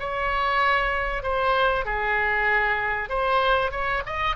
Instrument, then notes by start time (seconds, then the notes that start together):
oboe
0.00 C#5
1.23 C5
1.86 G#4
3.10 C5
3.72 C#5
4.06 D#5